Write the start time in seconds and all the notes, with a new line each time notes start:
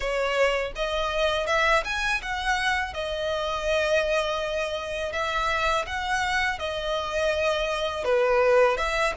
0.00 C#5
0.75 D#5
1.46 E5
1.84 G#5
2.22 F#5
2.93 D#5
5.12 E5
5.86 F#5
6.59 D#5
8.04 B4
8.77 E5